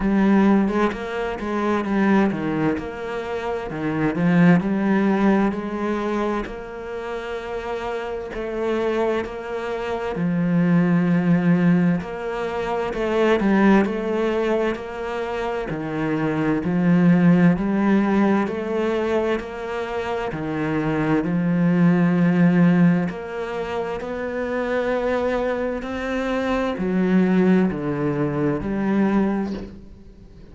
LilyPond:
\new Staff \with { instrumentName = "cello" } { \time 4/4 \tempo 4 = 65 g8. gis16 ais8 gis8 g8 dis8 ais4 | dis8 f8 g4 gis4 ais4~ | ais4 a4 ais4 f4~ | f4 ais4 a8 g8 a4 |
ais4 dis4 f4 g4 | a4 ais4 dis4 f4~ | f4 ais4 b2 | c'4 fis4 d4 g4 | }